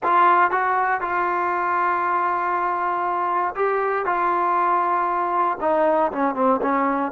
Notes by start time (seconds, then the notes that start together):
0.03 F4
0.50 F#4
1.00 F4
3.55 G4
4.05 F4
5.60 D#4
6.12 C#4
6.34 C4
6.61 C#4